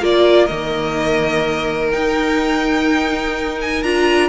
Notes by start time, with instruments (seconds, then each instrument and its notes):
0.00 cello A#3, viola F4, violin A#4 D5
0.46 cello D#3, viola A#3, violin D#5
1.91 viola D#4, cello D#4, violin G5
3.61 violin G#5
3.83 cello D4, viola F4, violin A#5